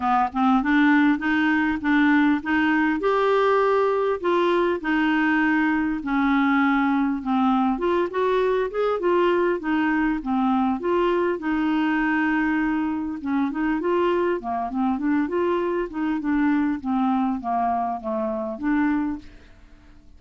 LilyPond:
\new Staff \with { instrumentName = "clarinet" } { \time 4/4 \tempo 4 = 100 b8 c'8 d'4 dis'4 d'4 | dis'4 g'2 f'4 | dis'2 cis'2 | c'4 f'8 fis'4 gis'8 f'4 |
dis'4 c'4 f'4 dis'4~ | dis'2 cis'8 dis'8 f'4 | ais8 c'8 d'8 f'4 dis'8 d'4 | c'4 ais4 a4 d'4 | }